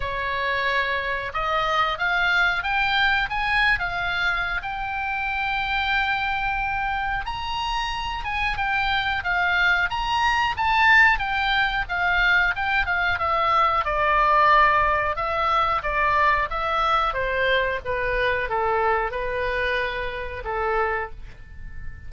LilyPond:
\new Staff \with { instrumentName = "oboe" } { \time 4/4 \tempo 4 = 91 cis''2 dis''4 f''4 | g''4 gis''8. f''4~ f''16 g''4~ | g''2. ais''4~ | ais''8 gis''8 g''4 f''4 ais''4 |
a''4 g''4 f''4 g''8 f''8 | e''4 d''2 e''4 | d''4 e''4 c''4 b'4 | a'4 b'2 a'4 | }